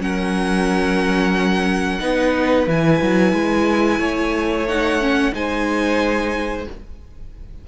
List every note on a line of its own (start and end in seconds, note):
0.00 2.00 F#3
0.00 2.00 C#4
0.00 2.02 A#4
0.00 2.69 F#5
2.00 2.67 B3
2.00 2.67 D#4
2.00 4.01 B4
2.67 3.01 E3
2.67 4.68 E4
2.67 4.68 G#5
3.02 3.33 F#3
3.33 3.99 G#3
3.99 5.32 A3
3.99 5.34 C#5
4.68 5.01 D#4
4.68 5.35 F#5
5.01 5.33 C#4
5.33 6.67 G#3
5.33 6.66 D#4
5.33 6.68 C5
5.33 6.68 G#5